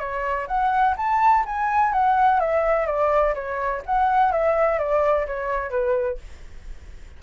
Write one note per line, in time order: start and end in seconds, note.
0.00 0.48 C#5
0.48 0.95 F#5
0.97 1.45 A5
1.46 1.93 G#5
1.93 2.40 F#5
2.40 2.87 E5
2.87 3.34 D5
3.35 3.83 C#5
3.86 4.32 F#5
4.32 4.79 E5
4.79 5.27 D5
5.27 5.71 C#5
5.71 6.18 B4